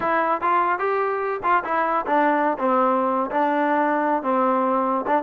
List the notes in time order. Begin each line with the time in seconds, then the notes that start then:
0.00 E4
0.41 F4
0.78 G4
1.43 F4
1.64 E4
2.06 D4
2.58 C4
3.30 D4
4.22 C4
5.06 D4